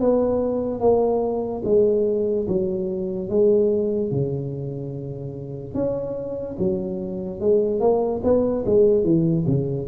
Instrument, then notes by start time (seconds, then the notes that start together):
tuba
0.00 B3
0.80 A#3
1.64 G#3
2.47 F#3
3.29 G#3
4.11 C#3
5.74 C#4
6.58 F#3
7.40 G#3
7.80 A#3
8.23 B3
8.66 G#3
9.03 E3
9.46 C#3